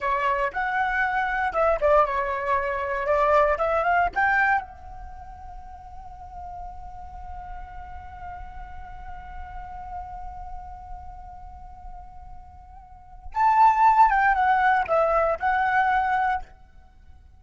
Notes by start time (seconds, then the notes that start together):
0.00 C#5
0.53 F#5
1.52 E5
1.81 D5
2.05 C#5
3.06 D5
3.58 E5
3.83 F5
4.14 G5
4.60 F#5
13.34 A5
14.10 G5
14.34 F#5
14.87 E5
15.39 F#5